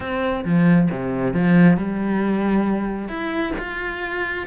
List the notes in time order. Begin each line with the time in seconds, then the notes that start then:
0.00 C4
0.44 F3
0.91 C3
1.33 F3
1.77 G3
3.08 E4
3.58 F4